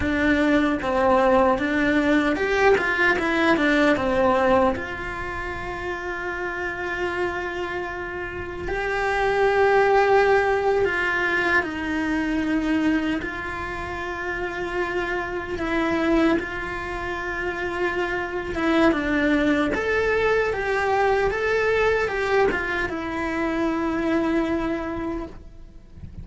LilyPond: \new Staff \with { instrumentName = "cello" } { \time 4/4 \tempo 4 = 76 d'4 c'4 d'4 g'8 f'8 | e'8 d'8 c'4 f'2~ | f'2. g'4~ | g'4.~ g'16 f'4 dis'4~ dis'16~ |
dis'8. f'2. e'16~ | e'8. f'2~ f'8. e'8 | d'4 a'4 g'4 a'4 | g'8 f'8 e'2. | }